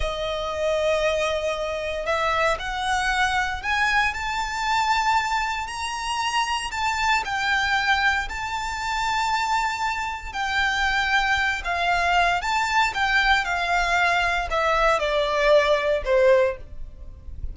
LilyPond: \new Staff \with { instrumentName = "violin" } { \time 4/4 \tempo 4 = 116 dis''1 | e''4 fis''2 gis''4 | a''2. ais''4~ | ais''4 a''4 g''2 |
a''1 | g''2~ g''8 f''4. | a''4 g''4 f''2 | e''4 d''2 c''4 | }